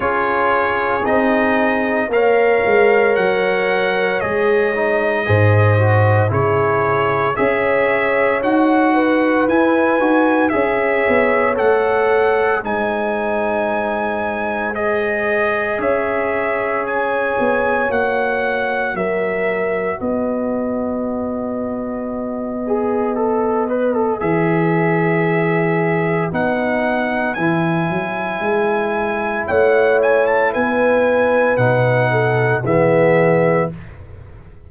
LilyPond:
<<
  \new Staff \with { instrumentName = "trumpet" } { \time 4/4 \tempo 4 = 57 cis''4 dis''4 f''4 fis''4 | dis''2 cis''4 e''4 | fis''4 gis''4 e''4 fis''4 | gis''2 dis''4 e''4 |
gis''4 fis''4 e''4 dis''4~ | dis''2. e''4~ | e''4 fis''4 gis''2 | fis''8 gis''16 a''16 gis''4 fis''4 e''4 | }
  \new Staff \with { instrumentName = "horn" } { \time 4/4 gis'2 cis''2~ | cis''4 c''4 gis'4 cis''4~ | cis''8 b'4. cis''2 | c''2. cis''4~ |
cis''2 ais'4 b'4~ | b'1~ | b'1 | cis''4 b'4. a'8 gis'4 | }
  \new Staff \with { instrumentName = "trombone" } { \time 4/4 f'4 dis'4 ais'2 | gis'8 dis'8 gis'8 fis'8 e'4 gis'4 | fis'4 e'8 fis'8 gis'4 a'4 | dis'2 gis'2~ |
gis'4 fis'2.~ | fis'4. gis'8 a'8 b'16 a'16 gis'4~ | gis'4 dis'4 e'2~ | e'2 dis'4 b4 | }
  \new Staff \with { instrumentName = "tuba" } { \time 4/4 cis'4 c'4 ais8 gis8 fis4 | gis4 gis,4 cis4 cis'4 | dis'4 e'8 dis'8 cis'8 b8 a4 | gis2. cis'4~ |
cis'8 b8 ais4 fis4 b4~ | b2. e4~ | e4 b4 e8 fis8 gis4 | a4 b4 b,4 e4 | }
>>